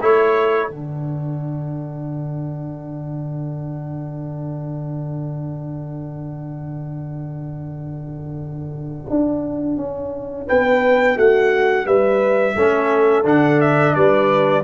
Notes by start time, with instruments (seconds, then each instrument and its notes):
0.00 tuba A3, trombone E4, horn A4, trumpet C#5
0.68 tuba D3, trombone D4, trumpet F#5
9.09 tuba D4
9.77 tuba C#4
10.47 tuba B3, horn B4, trumpet G5
11.16 tuba A3, horn F#4, trumpet F#5
11.85 tuba G3, horn B4, trumpet E5
12.56 tuba A3, trombone C#4, horn A4
13.24 tuba D3, trombone D4, trumpet F#5
13.60 trumpet E5
13.94 tuba G3, horn B4, trumpet D5